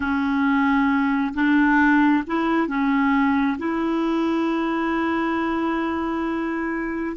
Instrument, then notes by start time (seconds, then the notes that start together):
clarinet
0.00 C#4
1.34 D4
2.26 E4
2.67 C#4
3.58 E4